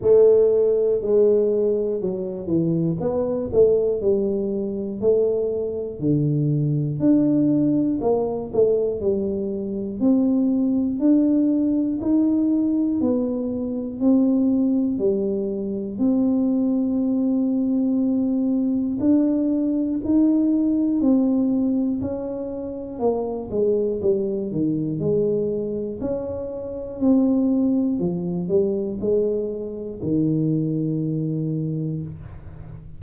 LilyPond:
\new Staff \with { instrumentName = "tuba" } { \time 4/4 \tempo 4 = 60 a4 gis4 fis8 e8 b8 a8 | g4 a4 d4 d'4 | ais8 a8 g4 c'4 d'4 | dis'4 b4 c'4 g4 |
c'2. d'4 | dis'4 c'4 cis'4 ais8 gis8 | g8 dis8 gis4 cis'4 c'4 | f8 g8 gis4 dis2 | }